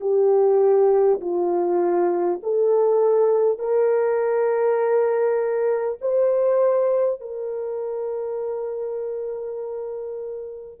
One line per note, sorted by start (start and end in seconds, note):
0.00 1.20 G4
1.20 2.40 F4
2.43 3.58 A4
3.58 5.98 A#4
6.01 7.20 C5
7.20 10.80 A#4